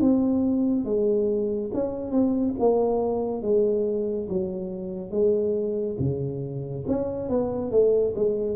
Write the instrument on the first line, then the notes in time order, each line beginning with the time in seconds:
tuba
0.00 C4
0.85 G#3
1.74 C#4
2.11 C4
2.59 A#3
3.42 G#3
4.29 F#3
5.11 G#3
5.99 C#3
6.88 C#4
7.29 B3
7.71 A3
8.15 G#3